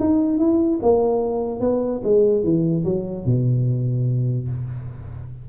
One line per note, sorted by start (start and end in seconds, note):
0.00 0.39 D#4
0.39 0.80 E4
0.83 1.60 A#3
1.60 2.02 B3
2.04 2.44 G#3
2.44 2.85 E3
2.85 3.26 F#3
3.26 4.49 B2